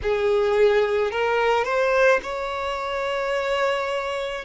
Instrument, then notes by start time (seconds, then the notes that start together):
violin
0.02 G#4
1.11 A#4
1.64 C5
2.22 C#5